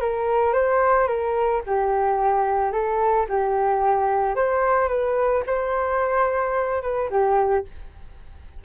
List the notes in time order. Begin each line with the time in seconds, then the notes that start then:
0.00 A#4
0.53 C5
1.07 A#4
1.66 G4
2.72 A4
3.29 G4
4.36 C5
4.88 B4
5.46 C5
6.82 B4
7.10 G4